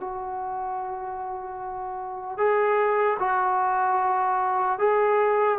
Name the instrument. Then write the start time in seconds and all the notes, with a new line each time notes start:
trombone
0.00 F#4
2.37 G#4
3.19 F#4
4.79 G#4